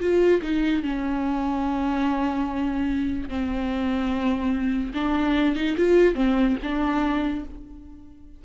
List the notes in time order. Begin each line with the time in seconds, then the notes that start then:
0.00 F4
0.41 D#4
0.82 C#4
3.28 C4
4.94 D4
5.55 D#4
5.77 F4
6.15 C4
6.62 D4